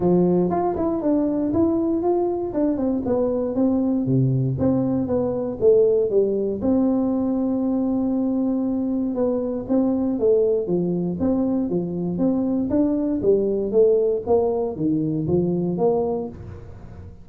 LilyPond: \new Staff \with { instrumentName = "tuba" } { \time 4/4 \tempo 4 = 118 f4 f'8 e'8 d'4 e'4 | f'4 d'8 c'8 b4 c'4 | c4 c'4 b4 a4 | g4 c'2.~ |
c'2 b4 c'4 | a4 f4 c'4 f4 | c'4 d'4 g4 a4 | ais4 dis4 f4 ais4 | }